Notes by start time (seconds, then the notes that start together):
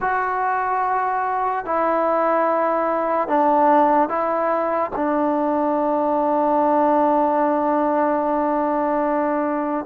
0.00 F#4
1.65 E4
3.28 D4
4.08 E4
4.95 D4